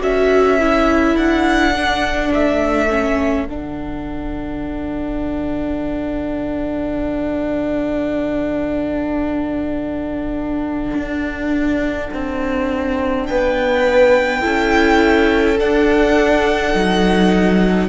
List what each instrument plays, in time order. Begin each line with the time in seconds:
0.00 cello C#4, viola F#4, violin A4 E5
0.59 viola E4
1.17 cello D4, violin F#5
1.74 viola D4
2.34 cello A3, violin E5
2.90 viola C#4
3.47 cello D3, viola D4, violin F#5
10.94 cello D4
12.14 cello C4
13.27 cello B3, violin B4 G5
14.40 cello C#4, viola E4, violin A4
15.59 viola D4, cello D4, violin F#5
16.73 cello F#3, viola D#4